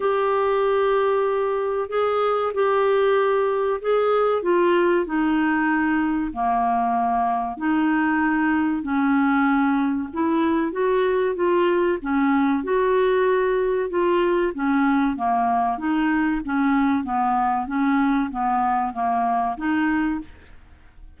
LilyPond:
\new Staff \with { instrumentName = "clarinet" } { \time 4/4 \tempo 4 = 95 g'2. gis'4 | g'2 gis'4 f'4 | dis'2 ais2 | dis'2 cis'2 |
e'4 fis'4 f'4 cis'4 | fis'2 f'4 cis'4 | ais4 dis'4 cis'4 b4 | cis'4 b4 ais4 dis'4 | }